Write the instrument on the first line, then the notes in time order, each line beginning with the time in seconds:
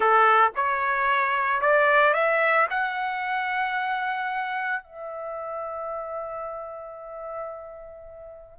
trumpet
0.00 A4
0.55 C#5
1.61 D5
2.13 E5
2.70 F#5
4.83 E5